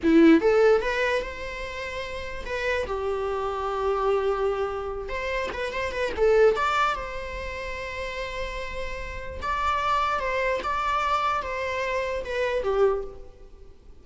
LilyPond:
\new Staff \with { instrumentName = "viola" } { \time 4/4 \tempo 4 = 147 e'4 a'4 b'4 c''4~ | c''2 b'4 g'4~ | g'1~ | g'8 c''4 b'8 c''8 b'8 a'4 |
d''4 c''2.~ | c''2. d''4~ | d''4 c''4 d''2 | c''2 b'4 g'4 | }